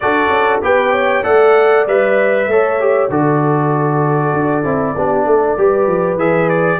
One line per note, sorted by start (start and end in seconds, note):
0.00 0.28 D4
0.00 0.62 F#4
0.00 0.62 A4
0.00 0.60 D5
0.28 0.59 C#4
0.62 1.24 B3
0.62 1.23 G4
0.62 0.91 B4
0.62 1.24 G5
0.91 1.22 C#5
1.23 1.87 A3
1.23 1.85 A4
1.23 2.47 D5
1.23 1.86 F#5
1.87 2.47 G3
1.87 2.50 B4
1.87 3.11 E5
2.47 3.09 A3
2.47 2.79 A4
2.47 3.10 C#5
2.79 3.10 G4
3.09 4.33 D3
3.09 4.64 F#4
3.09 4.96 A4
3.09 6.18 D5
4.33 4.64 D4
4.64 4.95 C4
4.64 4.95 E4
4.95 5.25 B3
4.95 5.57 D4
4.95 5.25 G4
5.25 5.56 A3
5.25 5.56 A4
5.57 5.86 G3
5.57 6.18 G4
5.57 6.79 B4
5.86 6.15 F3
6.15 6.77 E3
6.15 6.79 G#4
6.15 6.49 E5
6.49 6.79 D5